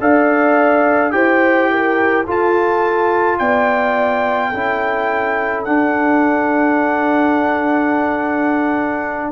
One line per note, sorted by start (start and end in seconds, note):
0.00 1.13 D4
0.00 1.11 A4
0.00 1.14 D5
0.00 1.12 F5
1.11 2.26 E4
1.11 2.25 G4
1.11 1.71 C5
1.11 2.25 G5
1.71 2.25 A#4
2.25 4.53 F4
2.25 3.40 F4
2.25 3.39 A4
2.25 3.38 A5
3.38 4.53 B3
3.38 4.49 D5
3.38 5.64 G5
4.49 5.67 C#4
4.49 5.66 E4
4.49 9.30 A4
5.64 9.31 D4
5.64 9.31 F#5